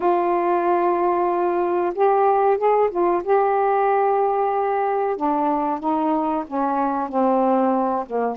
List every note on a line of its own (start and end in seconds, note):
0.00 1.93 F4
1.94 2.57 G4
2.57 2.89 G#4
2.90 3.22 F4
3.23 5.16 G4
5.16 5.79 D4
5.79 6.44 D#4
6.47 7.08 C#4
7.08 8.05 C4
8.06 8.36 A#3